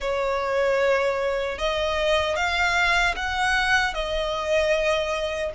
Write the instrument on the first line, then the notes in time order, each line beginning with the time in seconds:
violin
0.00 C#5
1.58 D#5
2.35 F5
3.16 F#5
3.93 D#5